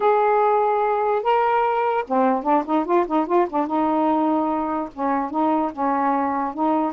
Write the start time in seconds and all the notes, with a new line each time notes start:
0.00 G#4
1.22 A#4
2.07 C4
2.43 D4
2.65 D#4
2.85 F4
3.06 D#4
3.26 F4
3.49 D4
3.66 D#4
4.93 C#4
5.30 D#4
5.72 C#4
6.54 D#4